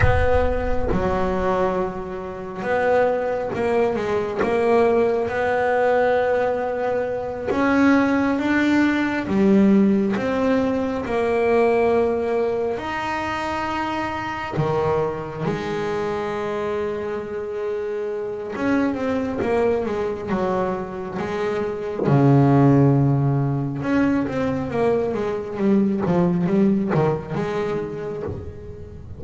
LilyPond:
\new Staff \with { instrumentName = "double bass" } { \time 4/4 \tempo 4 = 68 b4 fis2 b4 | ais8 gis8 ais4 b2~ | b8 cis'4 d'4 g4 c'8~ | c'8 ais2 dis'4.~ |
dis'8 dis4 gis2~ gis8~ | gis4 cis'8 c'8 ais8 gis8 fis4 | gis4 cis2 cis'8 c'8 | ais8 gis8 g8 f8 g8 dis8 gis4 | }